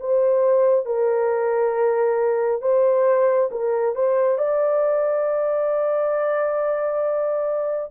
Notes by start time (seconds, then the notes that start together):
0.00 C5
0.85 A#4
2.61 C5
3.51 A#4
3.95 C5
4.38 D5